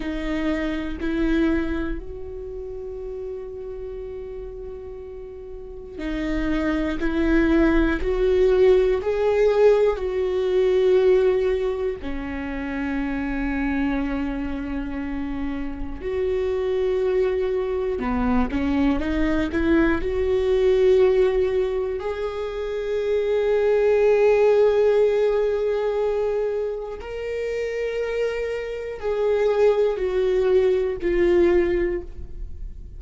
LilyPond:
\new Staff \with { instrumentName = "viola" } { \time 4/4 \tempo 4 = 60 dis'4 e'4 fis'2~ | fis'2 dis'4 e'4 | fis'4 gis'4 fis'2 | cis'1 |
fis'2 b8 cis'8 dis'8 e'8 | fis'2 gis'2~ | gis'2. ais'4~ | ais'4 gis'4 fis'4 f'4 | }